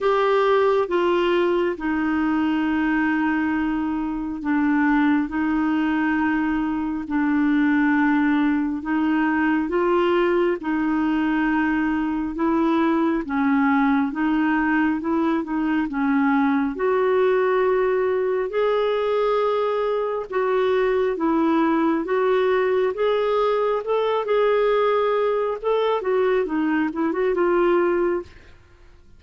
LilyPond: \new Staff \with { instrumentName = "clarinet" } { \time 4/4 \tempo 4 = 68 g'4 f'4 dis'2~ | dis'4 d'4 dis'2 | d'2 dis'4 f'4 | dis'2 e'4 cis'4 |
dis'4 e'8 dis'8 cis'4 fis'4~ | fis'4 gis'2 fis'4 | e'4 fis'4 gis'4 a'8 gis'8~ | gis'4 a'8 fis'8 dis'8 e'16 fis'16 f'4 | }